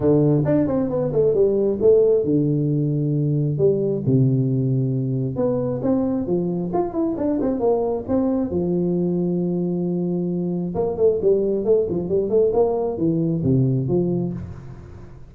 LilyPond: \new Staff \with { instrumentName = "tuba" } { \time 4/4 \tempo 4 = 134 d4 d'8 c'8 b8 a8 g4 | a4 d2. | g4 c2. | b4 c'4 f4 f'8 e'8 |
d'8 c'8 ais4 c'4 f4~ | f1 | ais8 a8 g4 a8 f8 g8 a8 | ais4 e4 c4 f4 | }